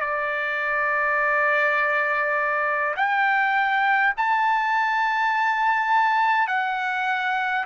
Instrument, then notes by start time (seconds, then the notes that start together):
trumpet
0.00 D5
2.96 G5
4.17 A5
6.47 F#5